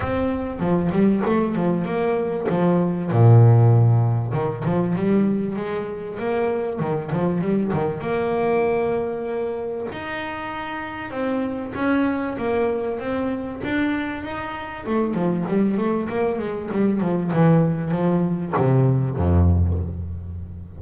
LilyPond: \new Staff \with { instrumentName = "double bass" } { \time 4/4 \tempo 4 = 97 c'4 f8 g8 a8 f8 ais4 | f4 ais,2 dis8 f8 | g4 gis4 ais4 dis8 f8 | g8 dis8 ais2. |
dis'2 c'4 cis'4 | ais4 c'4 d'4 dis'4 | a8 f8 g8 a8 ais8 gis8 g8 f8 | e4 f4 c4 f,4 | }